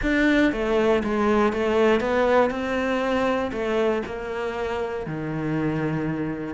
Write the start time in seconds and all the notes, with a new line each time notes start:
0.02 D4
0.52 A3
1.03 G#3
1.52 A3
2.00 B3
2.50 C4
3.52 A3
4.05 A#3
5.06 D#3